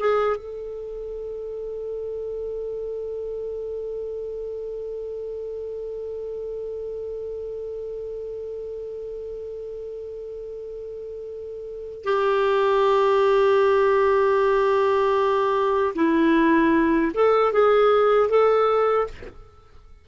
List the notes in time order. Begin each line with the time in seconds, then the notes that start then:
0.00 G#4
0.37 A4
12.05 G4
15.95 E4
17.15 A4
17.53 G#4
18.30 A4